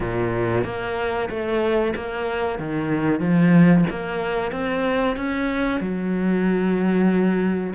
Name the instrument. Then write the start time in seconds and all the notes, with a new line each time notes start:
cello
0.00 A#2
0.64 A#3
1.29 A3
1.95 A#3
2.58 D#3
3.20 F3
3.90 A#3
4.51 C4
5.16 C#4
5.80 F#3